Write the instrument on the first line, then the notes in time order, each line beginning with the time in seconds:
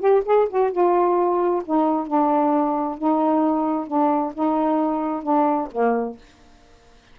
saxophone
0.00 G4
0.26 G#4
0.50 F#4
0.73 F4
1.65 D#4
2.07 D4
2.98 D#4
3.88 D4
4.34 D#4
5.23 D4
5.72 A#3